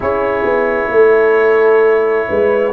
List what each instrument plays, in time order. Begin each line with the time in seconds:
0.00 tuba C#4, trombone E4, horn G#4, trumpet C#5
0.44 tuba B3
0.89 tuba A3, horn A4
2.28 tuba G#3, horn B4